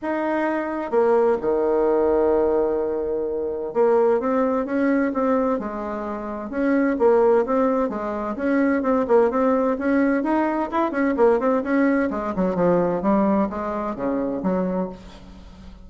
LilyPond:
\new Staff \with { instrumentName = "bassoon" } { \time 4/4 \tempo 4 = 129 dis'2 ais4 dis4~ | dis1 | ais4 c'4 cis'4 c'4 | gis2 cis'4 ais4 |
c'4 gis4 cis'4 c'8 ais8 | c'4 cis'4 dis'4 e'8 cis'8 | ais8 c'8 cis'4 gis8 fis8 f4 | g4 gis4 cis4 fis4 | }